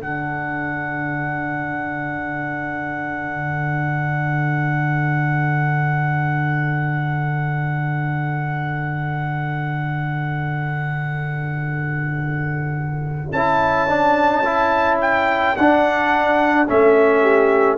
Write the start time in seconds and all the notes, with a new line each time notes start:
0.00 D3 D4 A4 F#5
13.32 C#4 E4 A5
13.88 D4
14.45 E4
15.01 G5
15.56 D4 F#5
16.67 A3 C#4 E5
17.22 G4